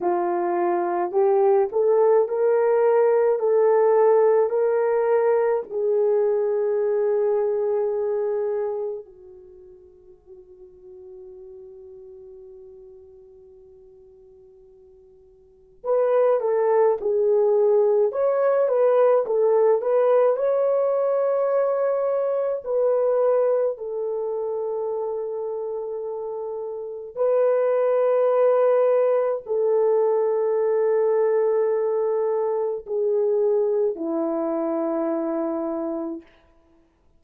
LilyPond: \new Staff \with { instrumentName = "horn" } { \time 4/4 \tempo 4 = 53 f'4 g'8 a'8 ais'4 a'4 | ais'4 gis'2. | fis'1~ | fis'2 b'8 a'8 gis'4 |
cis''8 b'8 a'8 b'8 cis''2 | b'4 a'2. | b'2 a'2~ | a'4 gis'4 e'2 | }